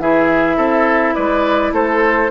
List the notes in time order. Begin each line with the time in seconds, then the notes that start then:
0.00 E3 E4 G#4 E5
0.57 C4 A4
1.15 G#3 B4 D5
1.72 A3 A4 C5